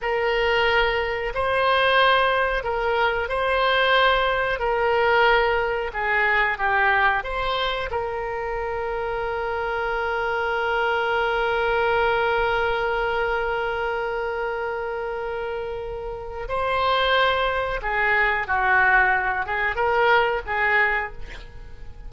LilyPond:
\new Staff \with { instrumentName = "oboe" } { \time 4/4 \tempo 4 = 91 ais'2 c''2 | ais'4 c''2 ais'4~ | ais'4 gis'4 g'4 c''4 | ais'1~ |
ais'1~ | ais'1~ | ais'4 c''2 gis'4 | fis'4. gis'8 ais'4 gis'4 | }